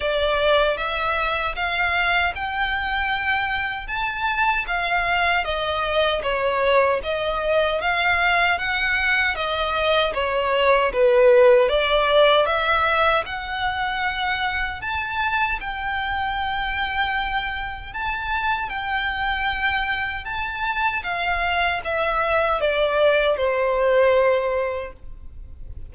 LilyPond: \new Staff \with { instrumentName = "violin" } { \time 4/4 \tempo 4 = 77 d''4 e''4 f''4 g''4~ | g''4 a''4 f''4 dis''4 | cis''4 dis''4 f''4 fis''4 | dis''4 cis''4 b'4 d''4 |
e''4 fis''2 a''4 | g''2. a''4 | g''2 a''4 f''4 | e''4 d''4 c''2 | }